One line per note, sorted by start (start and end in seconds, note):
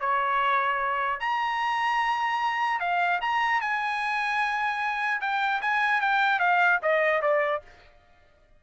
0.00 1.20 C#5
1.20 2.80 A#5
2.80 3.20 F5
3.21 3.61 A#5
3.61 5.21 G#5
5.21 5.61 G5
5.62 6.01 G#5
6.01 6.40 G5
6.40 6.80 F5
6.83 7.22 D#5
7.22 7.62 D5